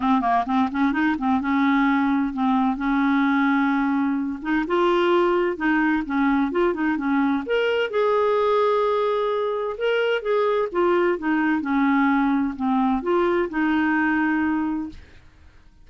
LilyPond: \new Staff \with { instrumentName = "clarinet" } { \time 4/4 \tempo 4 = 129 c'8 ais8 c'8 cis'8 dis'8 c'8 cis'4~ | cis'4 c'4 cis'2~ | cis'4. dis'8 f'2 | dis'4 cis'4 f'8 dis'8 cis'4 |
ais'4 gis'2.~ | gis'4 ais'4 gis'4 f'4 | dis'4 cis'2 c'4 | f'4 dis'2. | }